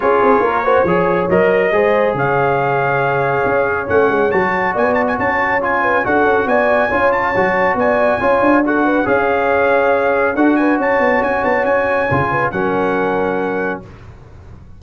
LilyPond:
<<
  \new Staff \with { instrumentName = "trumpet" } { \time 4/4 \tempo 4 = 139 cis''2. dis''4~ | dis''4 f''2.~ | f''4 fis''4 a''4 gis''8 a''16 gis''16 | a''4 gis''4 fis''4 gis''4~ |
gis''8 a''4. gis''2 | fis''4 f''2. | fis''8 gis''8 a''4 gis''8 a''8 gis''4~ | gis''4 fis''2. | }
  \new Staff \with { instrumentName = "horn" } { \time 4/4 gis'4 ais'8 c''8 cis''2 | c''4 cis''2.~ | cis''2. d''4 | cis''4. b'8 a'4 d''4 |
cis''2 d''4 cis''4 | a'8 b'8 cis''2. | a'8 b'8 cis''2.~ | cis''8 b'8 ais'2. | }
  \new Staff \with { instrumentName = "trombone" } { \time 4/4 f'4. fis'8 gis'4 ais'4 | gis'1~ | gis'4 cis'4 fis'2~ | fis'4 f'4 fis'2 |
f'4 fis'2 f'4 | fis'4 gis'2. | fis'1 | f'4 cis'2. | }
  \new Staff \with { instrumentName = "tuba" } { \time 4/4 cis'8 c'8 ais4 f4 fis4 | gis4 cis2. | cis'4 a8 gis8 fis4 b4 | cis'2 d'8 cis'8 b4 |
cis'4 fis4 b4 cis'8 d'8~ | d'4 cis'2. | d'4 cis'8 b8 cis'8 b8 cis'4 | cis4 fis2. | }
>>